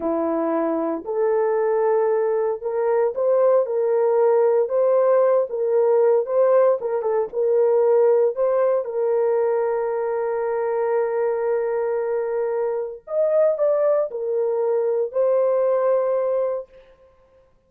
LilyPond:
\new Staff \with { instrumentName = "horn" } { \time 4/4 \tempo 4 = 115 e'2 a'2~ | a'4 ais'4 c''4 ais'4~ | ais'4 c''4. ais'4. | c''4 ais'8 a'8 ais'2 |
c''4 ais'2.~ | ais'1~ | ais'4 dis''4 d''4 ais'4~ | ais'4 c''2. | }